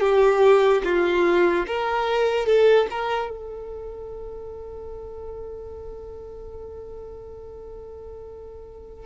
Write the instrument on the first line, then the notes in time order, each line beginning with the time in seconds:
violin
0.00 G4
0.84 F4
1.67 A#4
2.46 A4
2.91 A#4
3.31 A4